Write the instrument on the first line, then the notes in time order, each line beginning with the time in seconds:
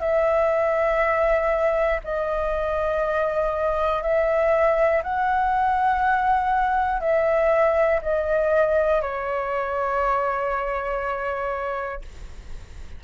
flute
0.00 E5
2.04 D#5
4.02 E5
5.03 F#5
7.00 E5
8.02 D#5
9.01 C#5